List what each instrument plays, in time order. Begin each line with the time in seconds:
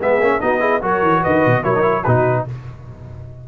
0.00 tuba G#3, trombone B3, horn G#4, trumpet E5
0.20 tuba A#3, trombone C#4
0.40 tuba B3, trombone D#4, horn F#4, trumpet D#5
0.60 trombone E4, horn G#4
0.82 tuba F#3, trombone F#4, horn A#4, trumpet C#5
1.02 tuba E3
1.22 tuba D#3, horn B4, trumpet D#5
1.46 tuba B2
1.63 tuba F#3, trombone E4, horn A#4, trumpet C#5
1.75 trombone D#4
1.82 trombone E4
2.03 tuba B2, trombone D#4, horn F#4, trumpet B4